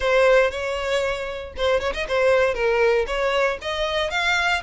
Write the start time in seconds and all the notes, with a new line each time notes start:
0.00 C5
0.51 C#5
1.56 C5
1.80 C#5
1.94 D#5
2.08 C5
2.54 A#4
3.07 C#5
3.61 D#5
4.10 F5